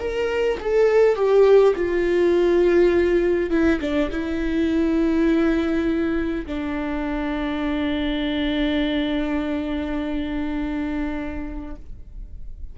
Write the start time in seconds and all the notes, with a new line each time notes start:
0.00 A#4
0.60 A4
1.16 G4
1.76 F4
3.51 E4
3.81 D4
4.11 E4
6.47 D4